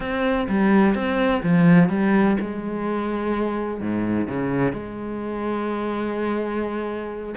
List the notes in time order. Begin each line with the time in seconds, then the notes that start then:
0.00 C4
0.48 G3
0.94 C4
1.43 F3
1.89 G3
2.40 G#3
3.80 G#2
4.27 C#3
4.73 G#3